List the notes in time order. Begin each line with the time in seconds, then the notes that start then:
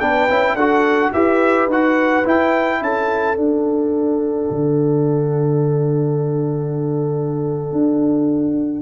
0.00 B3 D4 B4 G5
0.29 C#4 E4
0.55 D4 F#4 A4 F#5
1.13 E4 G4 B4 E5
1.67 D#4 F#4 F#5
2.25 E4 G5
2.81 C#4 A4 A5
3.36 D4 F#5
4.50 D3
7.72 D4